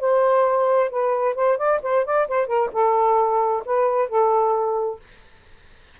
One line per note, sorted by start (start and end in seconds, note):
0.00 0.90 C5
0.90 1.35 B4
1.35 1.57 C5
1.57 1.80 D5
1.82 2.05 C5
2.05 2.28 D5
2.28 2.47 C5
2.47 2.70 A#4
2.72 3.63 A4
3.65 4.09 B4
4.09 5.00 A4